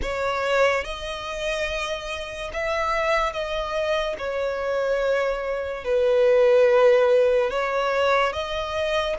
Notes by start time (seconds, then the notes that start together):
0.02 C#5
0.84 D#5
2.53 E5
3.33 D#5
4.17 C#5
5.84 B4
7.50 C#5
8.33 D#5